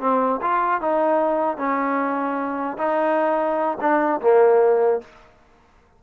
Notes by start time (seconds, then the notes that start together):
0.00 C4
0.42 F4
0.81 D#4
1.57 C#4
2.77 D#4
3.81 D4
4.21 A#3